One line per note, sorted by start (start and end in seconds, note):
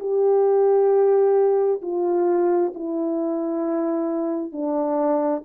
0.00 1.82 G4
1.82 2.73 F4
2.75 4.52 E4
4.52 5.43 D4